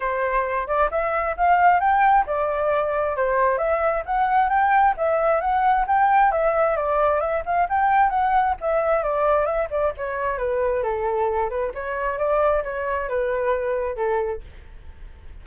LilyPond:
\new Staff \with { instrumentName = "flute" } { \time 4/4 \tempo 4 = 133 c''4. d''8 e''4 f''4 | g''4 d''2 c''4 | e''4 fis''4 g''4 e''4 | fis''4 g''4 e''4 d''4 |
e''8 f''8 g''4 fis''4 e''4 | d''4 e''8 d''8 cis''4 b'4 | a'4. b'8 cis''4 d''4 | cis''4 b'2 a'4 | }